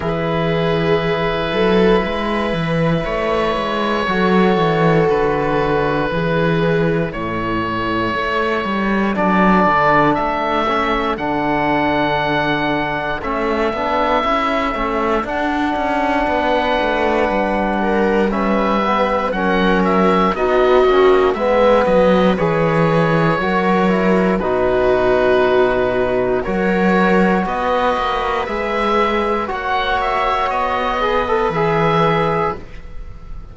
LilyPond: <<
  \new Staff \with { instrumentName = "oboe" } { \time 4/4 \tempo 4 = 59 b'2. cis''4~ | cis''4 b'2 cis''4~ | cis''4 d''4 e''4 fis''4~ | fis''4 e''2 fis''4~ |
fis''2 e''4 fis''8 e''8 | dis''4 e''8 dis''8 cis''2 | b'2 cis''4 dis''4 | e''4 fis''8 e''8 dis''4 e''4 | }
  \new Staff \with { instrumentName = "viola" } { \time 4/4 gis'4. a'8 b'2 | a'2 gis'4 a'4~ | a'1~ | a'1 |
b'4. ais'8 b'4 ais'4 | fis'4 b'2 ais'4 | fis'2 ais'4 b'4~ | b'4 cis''4. b'4. | }
  \new Staff \with { instrumentName = "trombone" } { \time 4/4 e'1 | fis'2 e'2~ | e'4 d'4. cis'8 d'4~ | d'4 cis'8 d'8 e'8 cis'8 d'4~ |
d'2 cis'8 b8 cis'4 | dis'8 cis'8 b4 gis'4 fis'8 e'8 | dis'2 fis'2 | gis'4 fis'4. gis'16 a'16 gis'4 | }
  \new Staff \with { instrumentName = "cello" } { \time 4/4 e4. fis8 gis8 e8 a8 gis8 | fis8 e8 d4 e4 a,4 | a8 g8 fis8 d8 a4 d4~ | d4 a8 b8 cis'8 a8 d'8 cis'8 |
b8 a8 g2 fis4 | b8 ais8 gis8 fis8 e4 fis4 | b,2 fis4 b8 ais8 | gis4 ais4 b4 e4 | }
>>